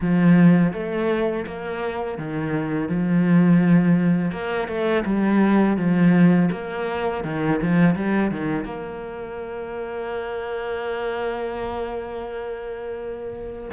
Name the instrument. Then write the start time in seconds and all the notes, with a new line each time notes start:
cello
0.00 F3
0.73 A3
1.46 A#3
2.18 D#3
2.88 F3
4.31 A#3
4.68 A3
5.05 G3
5.76 F3
6.51 A#3
7.24 D#3
7.62 F3
7.95 G3
8.31 D#3
8.65 A#3